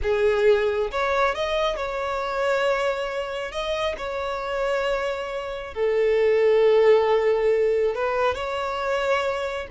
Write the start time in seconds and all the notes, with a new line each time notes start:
0.02 G#4
0.91 C#5
1.35 D#5
1.76 C#5
3.51 D#5
3.97 C#5
5.74 A4
7.94 B4
8.34 C#5